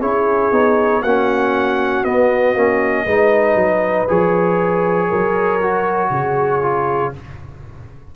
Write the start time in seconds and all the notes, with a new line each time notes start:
0.00 C#4 E4 G#4 C#5
0.51 B3 D#4
1.01 A#3 C#4 F#4 F#5
2.04 B3 D#5
2.54 A#3 C#4
3.06 G#3 D#4 B4
3.55 F#3
4.08 F3 G#4 C#5
5.09 F#3 A#4
5.62 F#4
6.10 C#3 G#4
6.62 F4